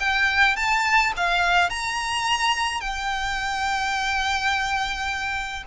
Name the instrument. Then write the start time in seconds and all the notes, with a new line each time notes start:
violin
0.00 G5
0.56 A5
1.17 F5
1.70 A#5
2.81 G5